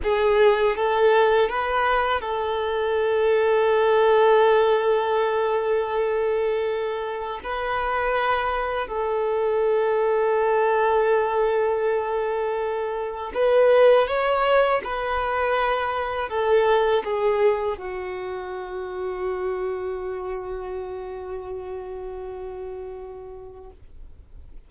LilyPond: \new Staff \with { instrumentName = "violin" } { \time 4/4 \tempo 4 = 81 gis'4 a'4 b'4 a'4~ | a'1~ | a'2 b'2 | a'1~ |
a'2 b'4 cis''4 | b'2 a'4 gis'4 | fis'1~ | fis'1 | }